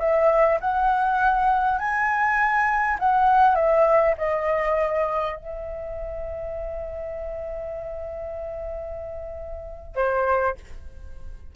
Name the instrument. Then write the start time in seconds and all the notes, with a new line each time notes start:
flute
0.00 E5
0.61 F#5
1.79 G#5
2.99 F#5
3.56 E5
4.18 D#5
5.37 E5
9.96 C5